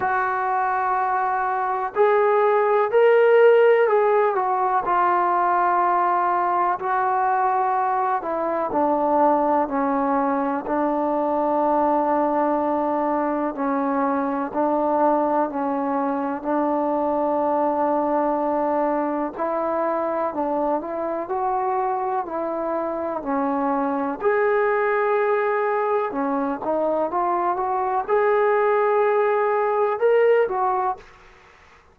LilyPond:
\new Staff \with { instrumentName = "trombone" } { \time 4/4 \tempo 4 = 62 fis'2 gis'4 ais'4 | gis'8 fis'8 f'2 fis'4~ | fis'8 e'8 d'4 cis'4 d'4~ | d'2 cis'4 d'4 |
cis'4 d'2. | e'4 d'8 e'8 fis'4 e'4 | cis'4 gis'2 cis'8 dis'8 | f'8 fis'8 gis'2 ais'8 fis'8 | }